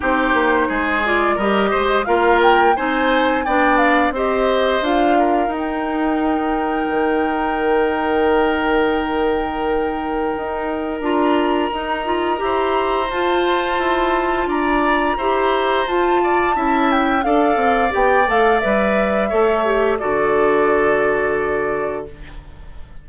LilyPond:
<<
  \new Staff \with { instrumentName = "flute" } { \time 4/4 \tempo 4 = 87 c''4. d''8 dis''4 f''8 g''8 | gis''4 g''8 f''8 dis''4 f''4 | g''1~ | g''1 |
ais''2. a''4~ | a''4 ais''2 a''4~ | a''8 g''8 f''4 g''8 f''8 e''4~ | e''4 d''2. | }
  \new Staff \with { instrumentName = "oboe" } { \time 4/4 g'4 gis'4 ais'8 c''8 ais'4 | c''4 d''4 c''4. ais'8~ | ais'1~ | ais'1~ |
ais'2 c''2~ | c''4 d''4 c''4. d''8 | e''4 d''2. | cis''4 a'2. | }
  \new Staff \with { instrumentName = "clarinet" } { \time 4/4 dis'4. f'8 g'4 f'4 | dis'4 d'4 g'4 f'4 | dis'1~ | dis'1 |
f'4 dis'8 f'8 g'4 f'4~ | f'2 g'4 f'4 | e'4 a'4 g'8 a'8 b'4 | a'8 g'8 fis'2. | }
  \new Staff \with { instrumentName = "bassoon" } { \time 4/4 c'8 ais8 gis4 g8 gis8 ais4 | c'4 b4 c'4 d'4 | dis'2 dis2~ | dis2. dis'4 |
d'4 dis'4 e'4 f'4 | e'4 d'4 e'4 f'4 | cis'4 d'8 c'8 b8 a8 g4 | a4 d2. | }
>>